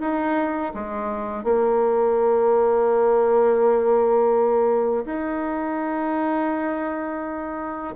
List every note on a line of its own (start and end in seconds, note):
0.00 0.72 D#4
0.74 1.43 G#3
1.43 5.05 A#3
5.05 7.95 D#4